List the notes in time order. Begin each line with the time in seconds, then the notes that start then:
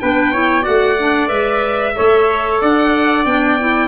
0.00 B3 D4 B4 G5
0.32 E4 C#5
0.62 A3 F#4 D5 F#5
0.99 D4
1.28 G#3 B4 E5
1.95 A3 A4 C#5
2.61 D4 D5 F#5
3.25 B3 D4 G5
3.59 E4